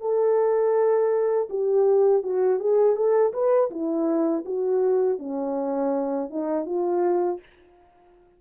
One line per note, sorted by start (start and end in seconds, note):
0.00 1.48 A4
1.49 2.22 G4
2.22 2.59 F#4
2.59 2.96 G#4
2.96 3.33 A4
3.33 3.70 B4
3.70 4.44 E4
4.45 5.18 F#4
5.18 6.29 C#4
6.30 6.65 D#4
6.65 7.39 F4